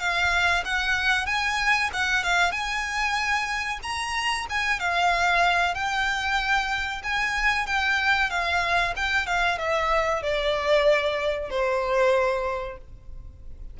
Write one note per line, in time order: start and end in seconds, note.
0.00 0.64 F5
0.65 1.26 F#5
1.26 1.90 G#5
1.93 2.24 F#5
2.24 2.52 F5
2.52 3.79 G#5
3.83 4.47 A#5
4.50 4.80 G#5
4.80 5.75 F5
5.75 7.02 G5
7.03 7.67 G#5
7.67 8.30 G5
8.30 8.94 F5
8.96 9.27 G5
9.27 9.59 F5
9.59 10.23 E5
10.23 11.50 D5
11.50 12.78 C5